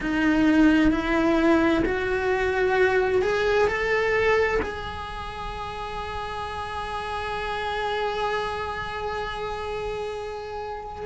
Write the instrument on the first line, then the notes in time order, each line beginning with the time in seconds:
cello
0.00 D#4
0.91 E4
1.85 F#4
3.22 G#4
3.67 A4
4.62 G#4